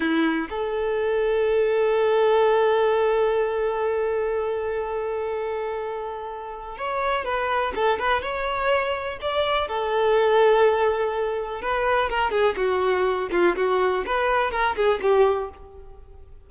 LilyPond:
\new Staff \with { instrumentName = "violin" } { \time 4/4 \tempo 4 = 124 e'4 a'2.~ | a'1~ | a'1~ | a'2 cis''4 b'4 |
a'8 b'8 cis''2 d''4 | a'1 | b'4 ais'8 gis'8 fis'4. f'8 | fis'4 b'4 ais'8 gis'8 g'4 | }